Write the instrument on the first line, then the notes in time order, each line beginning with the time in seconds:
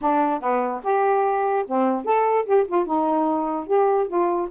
saxophone
0.01 D4
0.40 B3
0.83 G4
1.66 C4
2.04 A4
2.45 G4
2.67 F4
2.86 D#4
3.67 G4
4.07 F4